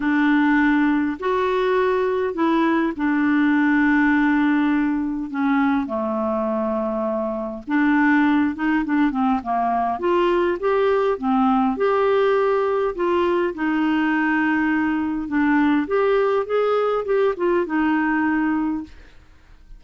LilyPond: \new Staff \with { instrumentName = "clarinet" } { \time 4/4 \tempo 4 = 102 d'2 fis'2 | e'4 d'2.~ | d'4 cis'4 a2~ | a4 d'4. dis'8 d'8 c'8 |
ais4 f'4 g'4 c'4 | g'2 f'4 dis'4~ | dis'2 d'4 g'4 | gis'4 g'8 f'8 dis'2 | }